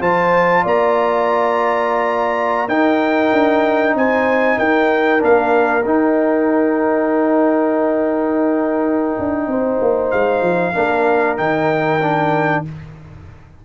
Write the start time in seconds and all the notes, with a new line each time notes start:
0.00 F3 F4 C5 A5
0.63 A#3 D5 A#5
2.68 D#4 A#4 G5
3.32 D4
3.94 C4 C5 G#5
4.58 D#4 A#4 G5
5.19 A#3 D4 F5
5.85 D#4 G5
9.18 D4
9.47 C4 C5
9.81 A#3
10.11 G#3 F5
10.41 F3
10.74 A#3 D4 A#4
11.37 D#3 D#4 G5
12.02 D4